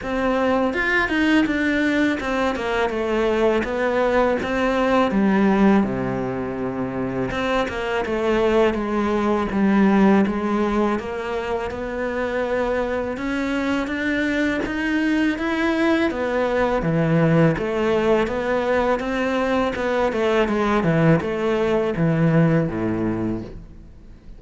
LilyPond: \new Staff \with { instrumentName = "cello" } { \time 4/4 \tempo 4 = 82 c'4 f'8 dis'8 d'4 c'8 ais8 | a4 b4 c'4 g4 | c2 c'8 ais8 a4 | gis4 g4 gis4 ais4 |
b2 cis'4 d'4 | dis'4 e'4 b4 e4 | a4 b4 c'4 b8 a8 | gis8 e8 a4 e4 a,4 | }